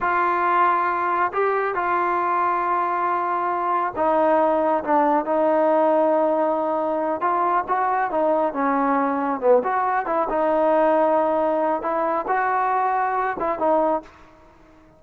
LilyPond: \new Staff \with { instrumentName = "trombone" } { \time 4/4 \tempo 4 = 137 f'2. g'4 | f'1~ | f'4 dis'2 d'4 | dis'1~ |
dis'8 f'4 fis'4 dis'4 cis'8~ | cis'4. b8 fis'4 e'8 dis'8~ | dis'2. e'4 | fis'2~ fis'8 e'8 dis'4 | }